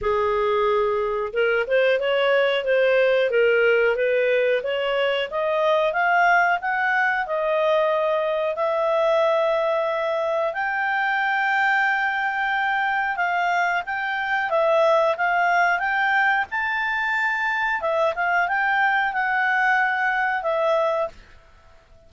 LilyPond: \new Staff \with { instrumentName = "clarinet" } { \time 4/4 \tempo 4 = 91 gis'2 ais'8 c''8 cis''4 | c''4 ais'4 b'4 cis''4 | dis''4 f''4 fis''4 dis''4~ | dis''4 e''2. |
g''1 | f''4 g''4 e''4 f''4 | g''4 a''2 e''8 f''8 | g''4 fis''2 e''4 | }